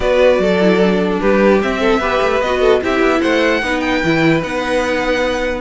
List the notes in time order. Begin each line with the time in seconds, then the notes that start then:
0.00 B3 F#4 B4 D5
0.39 F#3 A4
0.60 E4
0.82 D4
1.20 G3 G4 B4
1.60 C4 E5
1.80 A4
1.99 B3 G4 B4
2.21 A3
2.40 B3 F#4 D#5
2.59 A4
2.81 C4 E4 G4 E5
3.00 B3
3.21 A3 C5 F#5
3.62 B3 D#4 B4
3.80 G5
4.03 E3 E4
4.42 B3 D#4 F#5